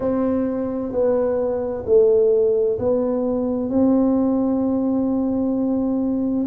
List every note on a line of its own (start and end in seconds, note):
0.00 0.91 C4
0.91 1.84 B3
1.86 2.78 A3
2.78 3.69 B3
3.69 6.46 C4